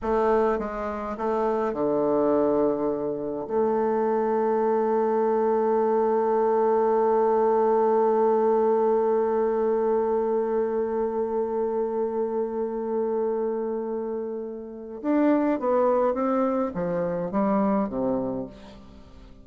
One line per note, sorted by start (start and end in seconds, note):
0.02 0.58 A3
0.58 1.16 G#3
1.17 1.73 A3
1.73 3.46 D3
3.47 15.01 A3
15.02 15.59 D4
15.59 16.14 B3
16.14 16.71 C4
16.74 17.31 F3
17.31 17.88 G3
17.88 18.46 C3